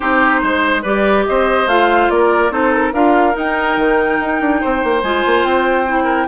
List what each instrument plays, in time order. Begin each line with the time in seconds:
0.00 bassoon C4, clarinet D#4, oboe G4, flute C5
0.42 bassoon G#3, oboe C5
0.82 bassoon G3, clarinet G4, oboe B4, flute D5
1.26 bassoon C4, oboe C5, flute D#5
1.66 bassoon A3, clarinet F4, flute F5
2.09 bassoon A#3, oboe A#4, flute D5
2.50 bassoon C4, clarinet D#4, oboe A4, flute C5
2.73 flute A#4
2.93 bassoon D4, clarinet F4, oboe A#4, flute F5
3.32 clarinet D#4, bassoon D#4, flute G5
3.76 bassoon D#3
4.19 bassoon D#4
4.40 bassoon D4
4.60 bassoon C4, oboe C5
4.83 bassoon A#3
5.02 bassoon G#3, clarinet F4, flute G#5
5.26 bassoon A#3
5.44 bassoon C4, flute G5
5.87 clarinet E4
6.04 oboe A#4